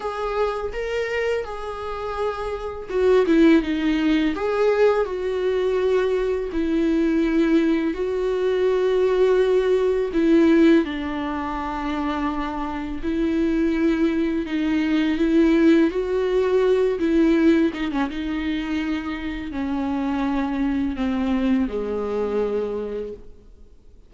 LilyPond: \new Staff \with { instrumentName = "viola" } { \time 4/4 \tempo 4 = 83 gis'4 ais'4 gis'2 | fis'8 e'8 dis'4 gis'4 fis'4~ | fis'4 e'2 fis'4~ | fis'2 e'4 d'4~ |
d'2 e'2 | dis'4 e'4 fis'4. e'8~ | e'8 dis'16 cis'16 dis'2 cis'4~ | cis'4 c'4 gis2 | }